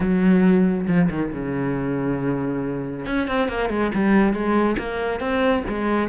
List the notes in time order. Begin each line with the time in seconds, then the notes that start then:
0.00 F#3
0.87 F3
1.10 D#3
1.32 C#3
3.06 C#4
3.27 C4
3.48 A#3
3.69 G#3
3.94 G3
4.33 G#3
4.78 A#3
5.20 C4
5.68 G#3